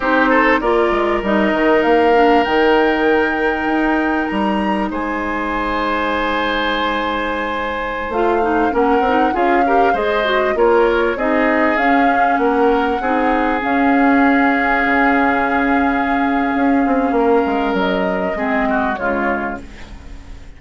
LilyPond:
<<
  \new Staff \with { instrumentName = "flute" } { \time 4/4 \tempo 4 = 98 c''4 d''4 dis''4 f''4 | g''2. ais''4 | gis''1~ | gis''4~ gis''16 f''4 fis''4 f''8.~ |
f''16 dis''4 cis''4 dis''4 f''8.~ | f''16 fis''2 f''4.~ f''16~ | f''1~ | f''4 dis''2 cis''4 | }
  \new Staff \with { instrumentName = "oboe" } { \time 4/4 g'8 a'8 ais'2.~ | ais'1 | c''1~ | c''2~ c''16 ais'4 gis'8 ais'16~ |
ais'16 c''4 ais'4 gis'4.~ gis'16~ | gis'16 ais'4 gis'2~ gis'8.~ | gis'1 | ais'2 gis'8 fis'8 f'4 | }
  \new Staff \with { instrumentName = "clarinet" } { \time 4/4 dis'4 f'4 dis'4. d'8 | dis'1~ | dis'1~ | dis'4~ dis'16 f'8 dis'8 cis'8 dis'8 f'8 g'16~ |
g'16 gis'8 fis'8 f'4 dis'4 cis'8.~ | cis'4~ cis'16 dis'4 cis'4.~ cis'16~ | cis'1~ | cis'2 c'4 gis4 | }
  \new Staff \with { instrumentName = "bassoon" } { \time 4/4 c'4 ais8 gis8 g8 dis8 ais4 | dis2 dis'4 g4 | gis1~ | gis4~ gis16 a4 ais8 c'8 cis'8.~ |
cis'16 gis4 ais4 c'4 cis'8.~ | cis'16 ais4 c'4 cis'4.~ cis'16~ | cis'16 cis2~ cis8. cis'8 c'8 | ais8 gis8 fis4 gis4 cis4 | }
>>